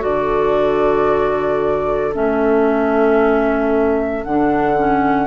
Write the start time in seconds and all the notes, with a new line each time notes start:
0.00 D3 F#4 A4 D5
2.14 A3 C#4 E5
4.24 D3 D4 F#5
4.78 C#4